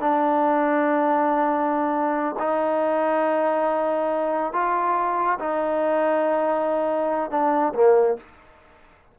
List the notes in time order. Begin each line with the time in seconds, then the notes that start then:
0.00 D4
2.39 D#4
4.53 F4
5.39 D#4
7.31 D4
7.74 A#3